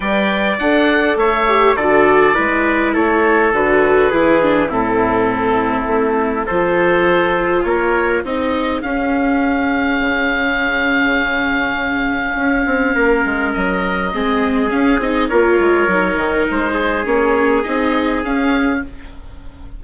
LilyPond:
<<
  \new Staff \with { instrumentName = "oboe" } { \time 4/4 \tempo 4 = 102 g''4 fis''4 e''4 d''4~ | d''4 cis''4 b'2 | a'2. c''4~ | c''4 cis''4 dis''4 f''4~ |
f''1~ | f''2. dis''4~ | dis''4 f''8 dis''8 cis''2 | c''4 cis''4 dis''4 f''4 | }
  \new Staff \with { instrumentName = "trumpet" } { \time 4/4 d''2 cis''4 a'4 | b'4 a'2 gis'4 | e'2. a'4~ | a'4 ais'4 gis'2~ |
gis'1~ | gis'2 ais'2 | gis'2 ais'2~ | ais'8 gis'2.~ gis'8 | }
  \new Staff \with { instrumentName = "viola" } { \time 4/4 b'4 a'4. g'8 fis'4 | e'2 fis'4 e'8 d'8 | c'2. f'4~ | f'2 dis'4 cis'4~ |
cis'1~ | cis'1 | c'4 cis'8 dis'8 f'4 dis'4~ | dis'4 cis'4 dis'4 cis'4 | }
  \new Staff \with { instrumentName = "bassoon" } { \time 4/4 g4 d'4 a4 d4 | gis4 a4 d4 e4 | a,2 a4 f4~ | f4 ais4 c'4 cis'4~ |
cis'4 cis2.~ | cis4 cis'8 c'8 ais8 gis8 fis4 | gis4 cis'8 c'8 ais8 gis8 fis8 dis8 | gis4 ais4 c'4 cis'4 | }
>>